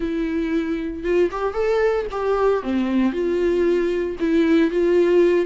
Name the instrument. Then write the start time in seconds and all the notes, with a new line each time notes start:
viola
0.00 E4
1.03 F4
1.31 G4
1.53 A4
2.11 G4
2.62 C4
3.12 F4
4.19 E4
4.71 F4